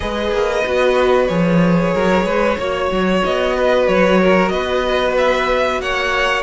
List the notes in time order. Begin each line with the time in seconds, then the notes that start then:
0.00 G#3 G#4 B4 D#5
0.31 A#3
0.65 B3 F#4
1.27 F3 G#4 C#5
1.94 F#3 A#4
2.25 G#3 B4
2.58 A#3 F#4 C#5
2.91 F#3
3.24 B3 D#5
3.56 B4
3.87 F#3 C#5
4.21 A#4
4.49 B3 B4 D#5
5.17 E5
5.79 A#3 C#5 F#5